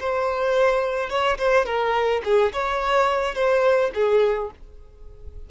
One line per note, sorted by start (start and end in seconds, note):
0.00 1.10 C5
1.10 1.38 C#5
1.38 1.66 C5
1.66 2.22 A#4
2.25 2.53 G#4
2.53 3.35 C#5
3.35 3.91 C5
3.94 4.50 G#4